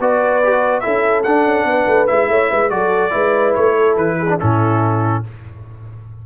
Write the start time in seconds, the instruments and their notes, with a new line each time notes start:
0.00 tuba B3, trombone F#4, horn B4, trumpet D5
0.44 trombone G4
0.53 trombone F#4
0.80 trombone E4, horn A4, trumpet E5
0.86 tuba C#4
1.24 tuba D4, trombone D4, trumpet F#5
1.46 tuba C#4
1.65 tuba B3, horn B4
1.88 tuba A3
2.07 tuba G#3, trombone E4, trumpet E5
2.29 tuba A3, horn C#5
2.51 tuba G#3, horn B4
2.70 tuba F#3, trombone F#4, horn A4, trumpet D5
3.11 tuba G#3, trombone E4, horn B4
3.55 tuba A3, trumpet C#5
3.76 horn A4
3.96 tuba E3, trumpet B4
4.19 horn G#4
4.29 trombone D4
4.40 tuba A2, trombone C#4, horn E4, trumpet A4